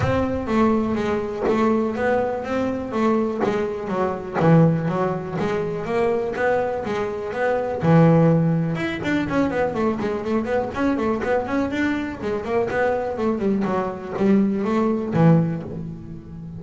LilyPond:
\new Staff \with { instrumentName = "double bass" } { \time 4/4 \tempo 4 = 123 c'4 a4 gis4 a4 | b4 c'4 a4 gis4 | fis4 e4 fis4 gis4 | ais4 b4 gis4 b4 |
e2 e'8 d'8 cis'8 b8 | a8 gis8 a8 b8 cis'8 a8 b8 cis'8 | d'4 gis8 ais8 b4 a8 g8 | fis4 g4 a4 e4 | }